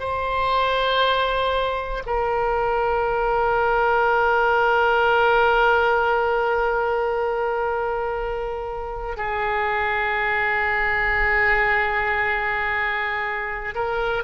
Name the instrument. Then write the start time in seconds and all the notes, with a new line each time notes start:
oboe
0.00 C5
2.06 A#4
9.17 G#4
13.75 A#4